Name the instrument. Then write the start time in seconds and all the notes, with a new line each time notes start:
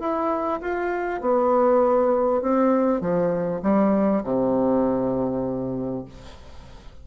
bassoon
0.00 E4
0.61 F4
1.21 B3
2.42 C4
3.01 F3
3.63 G3
4.24 C3